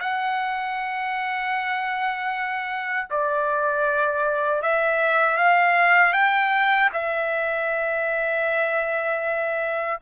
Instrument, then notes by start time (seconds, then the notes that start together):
trumpet
0.00 F#5
3.10 D5
4.62 E5
5.37 F5
6.13 G5
6.93 E5